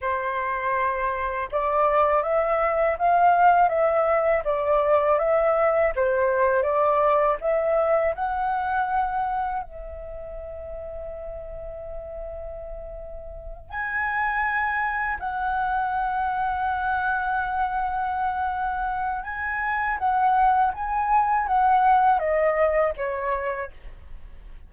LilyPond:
\new Staff \with { instrumentName = "flute" } { \time 4/4 \tempo 4 = 81 c''2 d''4 e''4 | f''4 e''4 d''4 e''4 | c''4 d''4 e''4 fis''4~ | fis''4 e''2.~ |
e''2~ e''8 gis''4.~ | gis''8 fis''2.~ fis''8~ | fis''2 gis''4 fis''4 | gis''4 fis''4 dis''4 cis''4 | }